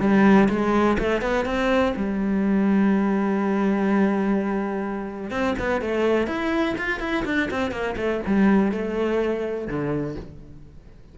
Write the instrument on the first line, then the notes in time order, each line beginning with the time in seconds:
cello
0.00 G3
0.49 G#3
0.99 A3
1.22 B3
1.46 C4
1.96 G3
5.31 C4
5.59 B3
5.81 A3
6.27 E4
6.78 F4
7.00 E4
7.25 D4
7.51 C4
7.71 A#3
7.97 A3
8.27 G3
8.72 A3
9.68 D3